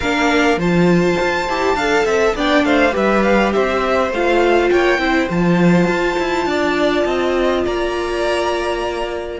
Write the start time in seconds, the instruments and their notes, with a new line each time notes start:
0.00 cello A#3, viola D4, violin A#4 F5
0.56 cello F3, viola F4, violin C5 A5
1.20 cello F4
1.48 cello E4, viola G4
1.74 cello D4, viola A4, violin F5
2.04 cello C4, violin E5
2.35 cello B3, viola D4, violin D5 G5
2.63 cello A3, violin C5 F5
2.91 cello G3, viola G4, violin B4 E5
3.22 violin F5
3.53 cello C4, violin C5 E5
4.10 cello A3, viola F4, violin F5
4.69 cello A#3, violin C#5 G5
4.98 cello C4, viola E4, violin C5
5.29 cello F3, viola F4, violin A5
5.87 cello F4
6.19 cello E4
6.45 cello D4, violin D5
7.05 cello C4, violin D#5
7.65 cello A#3, violin D5 A#5